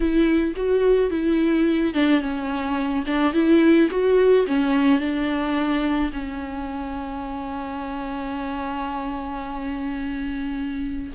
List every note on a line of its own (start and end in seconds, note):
0.00 0.54 E4
0.56 1.10 F#4
1.10 1.93 E4
1.94 2.20 D4
2.20 3.04 C#4
3.06 3.33 D4
3.33 3.88 E4
3.90 4.46 F#4
4.46 4.99 C#4
4.99 6.11 D4
6.12 11.12 C#4